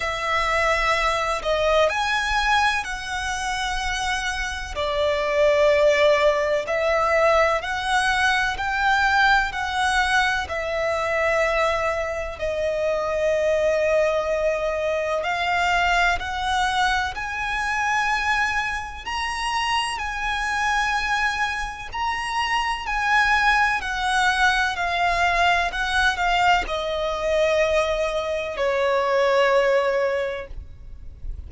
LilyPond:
\new Staff \with { instrumentName = "violin" } { \time 4/4 \tempo 4 = 63 e''4. dis''8 gis''4 fis''4~ | fis''4 d''2 e''4 | fis''4 g''4 fis''4 e''4~ | e''4 dis''2. |
f''4 fis''4 gis''2 | ais''4 gis''2 ais''4 | gis''4 fis''4 f''4 fis''8 f''8 | dis''2 cis''2 | }